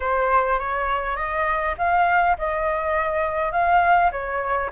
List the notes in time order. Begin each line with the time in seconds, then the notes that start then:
0.00 C5
0.59 C#5
1.16 D#5
1.78 F5
2.38 D#5
3.51 F5
4.11 C#5